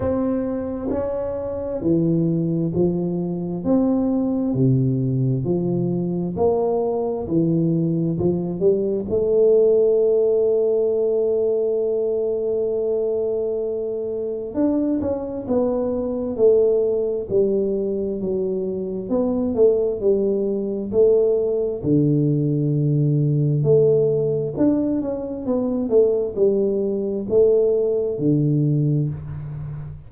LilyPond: \new Staff \with { instrumentName = "tuba" } { \time 4/4 \tempo 4 = 66 c'4 cis'4 e4 f4 | c'4 c4 f4 ais4 | e4 f8 g8 a2~ | a1 |
d'8 cis'8 b4 a4 g4 | fis4 b8 a8 g4 a4 | d2 a4 d'8 cis'8 | b8 a8 g4 a4 d4 | }